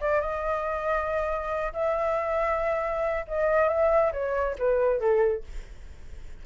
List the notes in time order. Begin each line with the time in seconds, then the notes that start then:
0.00 D5
0.20 D#5
1.73 E5
3.27 D#5
3.68 E5
4.12 C#5
4.58 B4
5.00 A4